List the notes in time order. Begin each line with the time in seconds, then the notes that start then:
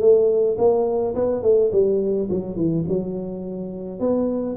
0.00 A3
0.58 A#3
1.14 B3
1.42 A3
1.72 G3
2.30 F#3
2.55 E3
2.88 F#3
3.99 B3